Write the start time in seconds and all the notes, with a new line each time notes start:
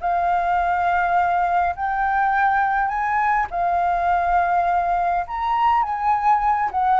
0.00 F5
1.75 G5
2.88 G#5
3.50 F5
5.27 A#5
5.82 G#5
6.71 F#5